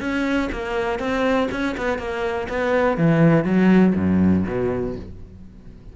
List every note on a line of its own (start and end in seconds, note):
0.00 0.49 C#4
0.52 0.99 A#3
0.99 1.48 C4
1.51 1.76 C#4
1.77 1.98 B3
1.98 2.47 A#3
2.49 2.97 B3
2.97 3.44 E3
3.44 3.94 F#3
3.96 4.45 F#2
4.47 4.96 B2